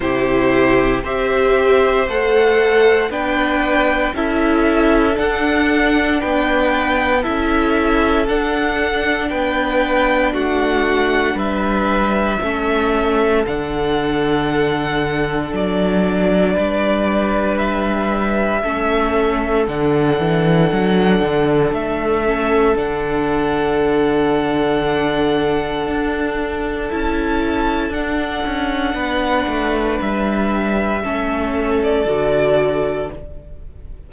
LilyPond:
<<
  \new Staff \with { instrumentName = "violin" } { \time 4/4 \tempo 4 = 58 c''4 e''4 fis''4 g''4 | e''4 fis''4 g''4 e''4 | fis''4 g''4 fis''4 e''4~ | e''4 fis''2 d''4~ |
d''4 e''2 fis''4~ | fis''4 e''4 fis''2~ | fis''2 a''4 fis''4~ | fis''4 e''4.~ e''16 d''4~ d''16 | }
  \new Staff \with { instrumentName = "violin" } { \time 4/4 g'4 c''2 b'4 | a'2 b'4 a'4~ | a'4 b'4 fis'4 b'4 | a'1 |
b'2 a'2~ | a'1~ | a'1 | b'2 a'2 | }
  \new Staff \with { instrumentName = "viola" } { \time 4/4 e'4 g'4 a'4 d'4 | e'4 d'2 e'4 | d'1 | cis'4 d'2.~ |
d'2 cis'4 d'4~ | d'4. cis'8 d'2~ | d'2 e'4 d'4~ | d'2 cis'4 fis'4 | }
  \new Staff \with { instrumentName = "cello" } { \time 4/4 c4 c'4 a4 b4 | cis'4 d'4 b4 cis'4 | d'4 b4 a4 g4 | a4 d2 fis4 |
g2 a4 d8 e8 | fis8 d8 a4 d2~ | d4 d'4 cis'4 d'8 cis'8 | b8 a8 g4 a4 d4 | }
>>